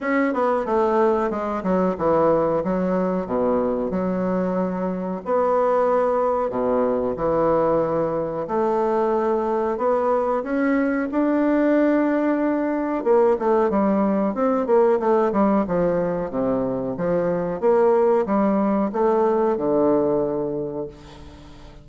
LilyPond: \new Staff \with { instrumentName = "bassoon" } { \time 4/4 \tempo 4 = 92 cis'8 b8 a4 gis8 fis8 e4 | fis4 b,4 fis2 | b2 b,4 e4~ | e4 a2 b4 |
cis'4 d'2. | ais8 a8 g4 c'8 ais8 a8 g8 | f4 c4 f4 ais4 | g4 a4 d2 | }